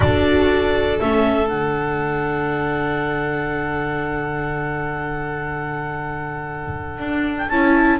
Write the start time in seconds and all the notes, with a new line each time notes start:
0.00 D4 F#4 A4 D5
0.99 A3 C#4 E5
1.48 D3 D4 F#5
6.99 D4
7.37 G5
7.49 C#4 E4 A5